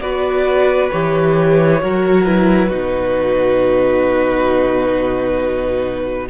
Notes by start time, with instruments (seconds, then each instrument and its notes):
0.00 cello B3, viola F#4, violin B4 D5
0.91 cello E3, viola G4, violin C#5
1.81 cello F#3, viola F#4, violin A#4
2.25 viola E4, violin B4
2.67 cello B2, viola D#4, violin F#4